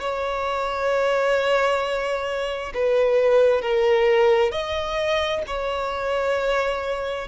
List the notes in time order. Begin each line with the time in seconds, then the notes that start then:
0.00 C#5
2.74 B4
3.62 A#4
4.51 D#5
5.47 C#5